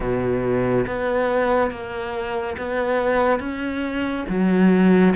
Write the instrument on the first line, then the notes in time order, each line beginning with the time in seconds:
cello
0.00 B2
0.86 B3
1.70 A#3
2.57 B3
3.39 C#4
4.28 F#3